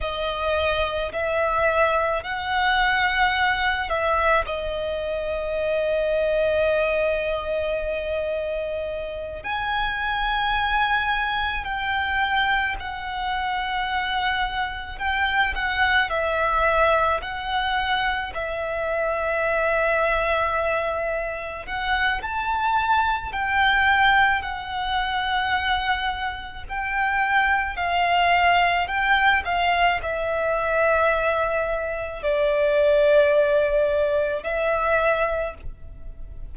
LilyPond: \new Staff \with { instrumentName = "violin" } { \time 4/4 \tempo 4 = 54 dis''4 e''4 fis''4. e''8 | dis''1~ | dis''8 gis''2 g''4 fis''8~ | fis''4. g''8 fis''8 e''4 fis''8~ |
fis''8 e''2. fis''8 | a''4 g''4 fis''2 | g''4 f''4 g''8 f''8 e''4~ | e''4 d''2 e''4 | }